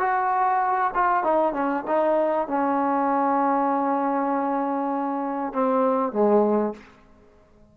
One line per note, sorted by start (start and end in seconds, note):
0.00 0.92 F#4
0.95 1.24 F4
1.24 1.54 D#4
1.54 1.84 C#4
1.88 2.48 D#4
2.48 5.54 C#4
5.54 6.13 C4
6.13 6.74 G#3